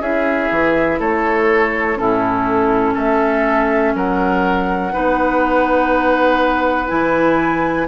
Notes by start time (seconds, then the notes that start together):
0.00 C#4 E4 G#4 E5
0.51 E3
0.99 A3 A4 C#5
1.96 A2 C#4 E4 A4
2.94 A3 A4 E5
3.94 F#3 A#4 F#5
4.92 B3 D#4 B4
6.88 E3 E4 G#5